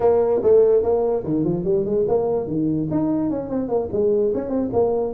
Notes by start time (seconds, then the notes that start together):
0.00 A#3
0.42 A3
0.82 A#3
1.24 D#3
1.44 F3
1.64 G3
1.85 G#3
2.08 A#3
2.47 D#3
2.90 D#4
3.30 C#4
3.49 C4
3.68 A#3
3.92 G#3
4.34 C#4
4.49 C4
4.72 A#3